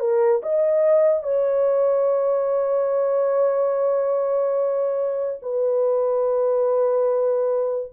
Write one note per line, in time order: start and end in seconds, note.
0.00 0.42 A#4
0.43 1.23 D#5
1.23 5.40 C#5
5.42 7.92 B4